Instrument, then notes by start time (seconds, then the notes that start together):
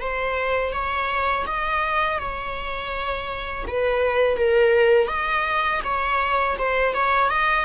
viola
0.00 C5
0.73 C#5
1.46 D#5
2.19 C#5
3.67 B4
4.37 A#4
5.08 D#5
5.84 C#5
6.59 C5
6.94 C#5
7.30 D#5